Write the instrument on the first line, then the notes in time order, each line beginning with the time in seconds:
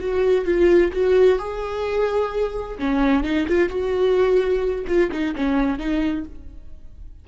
viola
0.00 F#4
0.45 F4
0.93 F#4
1.39 G#4
2.79 C#4
3.24 D#4
3.48 F4
3.69 F#4
4.88 F4
5.12 D#4
5.36 C#4
5.79 D#4